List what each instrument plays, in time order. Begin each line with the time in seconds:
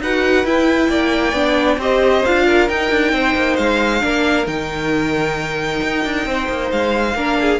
0.00 cello D#4, viola F#4, violin B4 F#5
0.44 cello E4, viola E4, violin G5
0.88 cello A#3, violin D5
1.33 cello B3, viola D4
1.77 cello C4, viola G4, violin C5 D#5
2.25 cello D4, viola F4, violin F5
2.47 violin A#4
2.69 cello D#4, viola D#4, violin G5
2.91 cello D4
3.13 cello C4, violin C5
3.36 cello A#3
3.57 cello G#3, violin F5
4.01 cello A#3, viola D4, violin A#4
4.46 cello D#3, viola D#4, violin G5
5.83 cello D#4
6.05 cello D4
6.26 cello C4, violin C5
6.49 cello A#3
6.72 cello G#3, violin F5
7.15 cello A#3, viola D4, violin A#4
7.41 violin G#4